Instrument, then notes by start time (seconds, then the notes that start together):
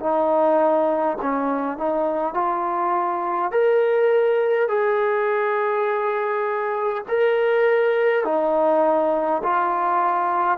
trombone
0.00 D#4
1.21 C#4
1.78 D#4
2.34 F4
3.52 A#4
4.68 G#4
7.09 A#4
8.25 D#4
9.43 F4